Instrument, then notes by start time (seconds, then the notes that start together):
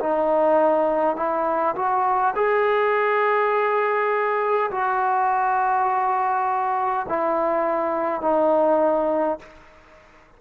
trombone
0.00 D#4
1.17 E4
1.76 F#4
2.36 G#4
4.72 F#4
7.09 E4
8.22 D#4